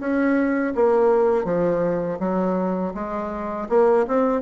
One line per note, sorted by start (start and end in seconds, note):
0.00 0.74 C#4
0.75 1.44 A#3
1.44 2.19 F3
2.20 2.94 F#3
2.94 3.68 G#3
3.69 4.06 A#3
4.07 4.41 C4